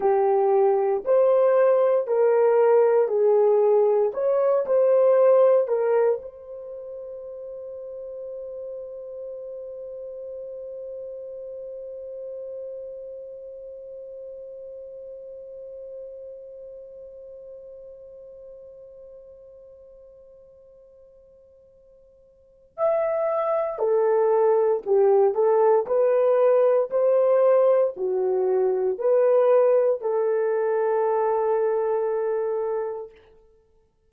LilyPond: \new Staff \with { instrumentName = "horn" } { \time 4/4 \tempo 4 = 58 g'4 c''4 ais'4 gis'4 | cis''8 c''4 ais'8 c''2~ | c''1~ | c''1~ |
c''1~ | c''2 e''4 a'4 | g'8 a'8 b'4 c''4 fis'4 | b'4 a'2. | }